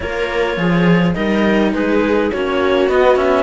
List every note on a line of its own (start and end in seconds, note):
0.00 0.56 A#3
0.00 1.14 F4
0.00 0.57 A#4
0.00 1.13 C#5
0.56 1.14 F3
0.56 1.15 G#4
1.13 1.73 G3
1.13 2.30 D#4
1.13 1.73 A#4
1.13 1.71 D#5
1.73 2.30 G#3
1.73 2.32 G#4
1.73 2.31 B4
2.31 2.91 A#3
2.31 2.88 C#4
2.31 3.43 F#4
2.31 2.88 C#5
2.88 3.15 B3
2.88 3.43 B3
2.88 3.16 D#5
3.15 3.43 C#4
3.15 3.43 E5